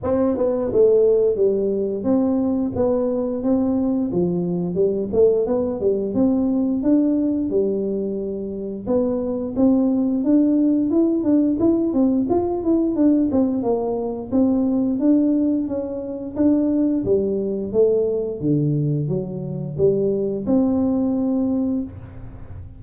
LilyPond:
\new Staff \with { instrumentName = "tuba" } { \time 4/4 \tempo 4 = 88 c'8 b8 a4 g4 c'4 | b4 c'4 f4 g8 a8 | b8 g8 c'4 d'4 g4~ | g4 b4 c'4 d'4 |
e'8 d'8 e'8 c'8 f'8 e'8 d'8 c'8 | ais4 c'4 d'4 cis'4 | d'4 g4 a4 d4 | fis4 g4 c'2 | }